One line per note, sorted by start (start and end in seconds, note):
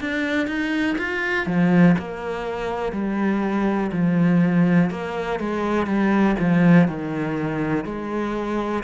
0.00 0.47 D4
0.47 0.96 D#4
0.97 1.46 F4
1.46 1.95 F3
1.98 2.92 A#3
2.92 3.90 G3
3.92 4.90 F3
4.90 5.39 A#3
5.39 5.86 G#3
5.86 6.35 G3
6.39 6.88 F3
6.88 7.85 D#3
7.85 8.83 G#3